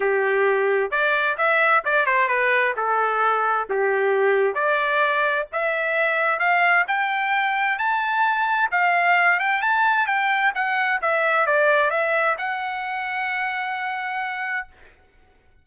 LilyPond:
\new Staff \with { instrumentName = "trumpet" } { \time 4/4 \tempo 4 = 131 g'2 d''4 e''4 | d''8 c''8 b'4 a'2 | g'2 d''2 | e''2 f''4 g''4~ |
g''4 a''2 f''4~ | f''8 g''8 a''4 g''4 fis''4 | e''4 d''4 e''4 fis''4~ | fis''1 | }